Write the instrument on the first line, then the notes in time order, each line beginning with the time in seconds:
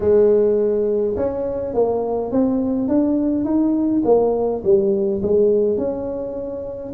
tuba
0.00 G#3
1.16 C#4
1.74 A#3
2.31 C4
2.88 D4
3.44 D#4
4.05 A#3
4.63 G3
5.22 G#3
5.77 C#4